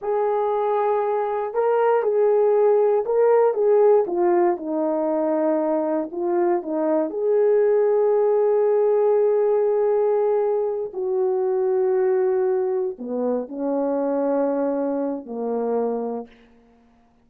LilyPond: \new Staff \with { instrumentName = "horn" } { \time 4/4 \tempo 4 = 118 gis'2. ais'4 | gis'2 ais'4 gis'4 | f'4 dis'2. | f'4 dis'4 gis'2~ |
gis'1~ | gis'4. fis'2~ fis'8~ | fis'4. b4 cis'4.~ | cis'2 ais2 | }